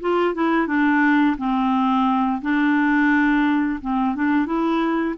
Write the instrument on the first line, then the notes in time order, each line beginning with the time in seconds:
clarinet
0.00 F4
0.34 E4
0.67 D4
1.37 C4
2.41 D4
3.81 C4
4.15 D4
4.45 E4